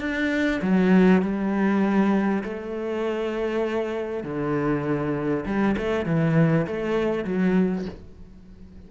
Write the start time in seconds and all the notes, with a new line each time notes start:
0.00 D4
0.61 F#3
1.22 G3
2.44 A3
4.23 D3
5.45 G3
5.77 A3
6.06 E3
6.66 A3
7.24 F#3